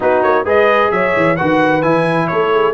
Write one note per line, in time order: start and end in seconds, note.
0.00 0.23 B3
0.00 0.44 D#4
0.00 0.44 F#4
0.00 0.22 B4
0.22 0.44 A#3
0.22 0.45 C#5
0.44 0.90 G#3
0.44 1.36 G#4
0.44 0.90 B4
0.44 0.91 D#5
0.90 1.13 F#3
0.90 1.35 C#5
0.90 1.36 E5
1.16 1.39 E3
1.35 1.83 D#3
1.35 1.82 F#4
1.35 2.27 B4
1.35 1.81 F#5
1.81 2.29 E3
1.81 2.73 E4
1.81 2.27 G#5
2.27 2.73 A3
2.27 2.52 A4
2.27 2.73 C#5
2.52 2.73 G#4